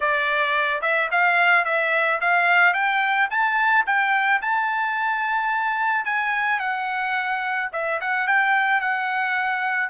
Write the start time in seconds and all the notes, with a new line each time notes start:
0.00 D5
0.81 E5
1.11 F5
1.65 E5
2.20 F5
2.73 G5
3.30 A5
3.86 G5
4.41 A5
6.05 G#5
6.59 F#5
7.72 E5
8.00 F#5
8.27 G5
8.80 F#5